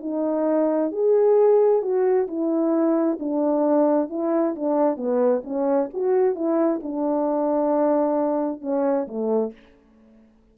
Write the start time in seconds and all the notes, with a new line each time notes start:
0.00 D#4
0.91 G#4
1.82 F#4
2.27 E4
3.19 D4
4.09 E4
4.55 D4
4.96 B3
5.44 C#4
5.93 F#4
6.35 E4
6.83 D4
8.61 C#4
9.07 A3